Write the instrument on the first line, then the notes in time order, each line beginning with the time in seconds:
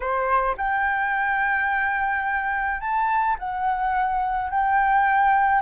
flute
0.00 C5
0.57 G5
2.80 A5
3.38 F#5
4.50 G5